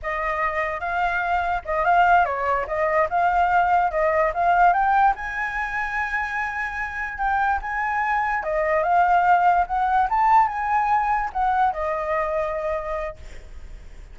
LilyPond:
\new Staff \with { instrumentName = "flute" } { \time 4/4 \tempo 4 = 146 dis''2 f''2 | dis''8 f''4 cis''4 dis''4 f''8~ | f''4. dis''4 f''4 g''8~ | g''8 gis''2.~ gis''8~ |
gis''4. g''4 gis''4.~ | gis''8 dis''4 f''2 fis''8~ | fis''8 a''4 gis''2 fis''8~ | fis''8 dis''2.~ dis''8 | }